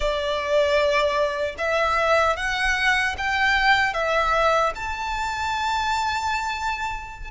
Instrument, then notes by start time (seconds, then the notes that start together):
violin
0.00 D5
1.58 E5
2.36 F#5
3.17 G5
3.93 E5
4.75 A5